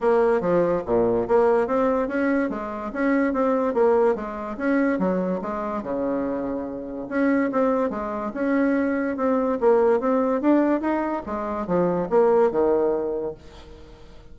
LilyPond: \new Staff \with { instrumentName = "bassoon" } { \time 4/4 \tempo 4 = 144 ais4 f4 ais,4 ais4 | c'4 cis'4 gis4 cis'4 | c'4 ais4 gis4 cis'4 | fis4 gis4 cis2~ |
cis4 cis'4 c'4 gis4 | cis'2 c'4 ais4 | c'4 d'4 dis'4 gis4 | f4 ais4 dis2 | }